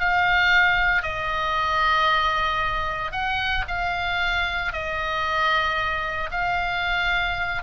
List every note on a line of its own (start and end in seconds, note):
0.00 1.03 F5
1.03 3.12 D#5
3.12 3.65 F#5
3.68 4.72 F5
4.72 6.30 D#5
6.31 7.62 F5